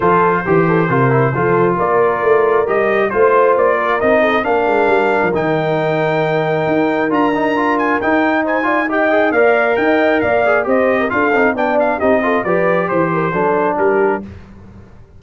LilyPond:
<<
  \new Staff \with { instrumentName = "trumpet" } { \time 4/4 \tempo 4 = 135 c''1 | d''2 dis''4 c''4 | d''4 dis''4 f''2 | g''1 |
ais''4. gis''8 g''4 gis''4 | g''4 f''4 g''4 f''4 | dis''4 f''4 g''8 f''8 dis''4 | d''4 c''2 ais'4 | }
  \new Staff \with { instrumentName = "horn" } { \time 4/4 a'4 g'8 a'8 ais'4 a'4 | ais'2. c''4~ | c''8 ais'4 a'8 ais'2~ | ais'1~ |
ais'2. c''8 d''8 | dis''4 d''4 dis''4 d''4 | c''8. ais'16 a'4 d''4 g'8 a'8 | b'4 c''8 ais'8 a'4 g'4 | }
  \new Staff \with { instrumentName = "trombone" } { \time 4/4 f'4 g'4 f'8 e'8 f'4~ | f'2 g'4 f'4~ | f'4 dis'4 d'2 | dis'1 |
f'8 dis'8 f'4 dis'4. f'8 | g'8 gis'8 ais'2~ ais'8 gis'8 | g'4 f'8 dis'8 d'4 dis'8 f'8 | g'2 d'2 | }
  \new Staff \with { instrumentName = "tuba" } { \time 4/4 f4 e4 c4 f4 | ais4 a4 g4 a4 | ais4 c'4 ais8 gis8 g8. f16 | dis2. dis'4 |
d'2 dis'2~ | dis'4 ais4 dis'4 ais4 | c'4 d'8 c'8 b4 c'4 | f4 e4 fis4 g4 | }
>>